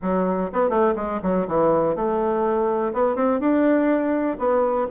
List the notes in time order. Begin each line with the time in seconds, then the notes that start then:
0.01 F#3
0.52 B3
0.69 A3
0.96 G#3
1.22 F#3
1.47 E3
1.95 A3
2.93 B3
3.15 C4
3.40 D4
4.38 B3